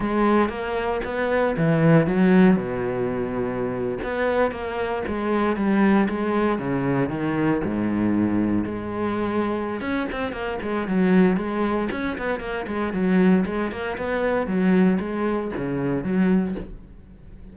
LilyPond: \new Staff \with { instrumentName = "cello" } { \time 4/4 \tempo 4 = 116 gis4 ais4 b4 e4 | fis4 b,2~ b,8. b16~ | b8. ais4 gis4 g4 gis16~ | gis8. cis4 dis4 gis,4~ gis,16~ |
gis,8. gis2~ gis16 cis'8 c'8 | ais8 gis8 fis4 gis4 cis'8 b8 | ais8 gis8 fis4 gis8 ais8 b4 | fis4 gis4 cis4 fis4 | }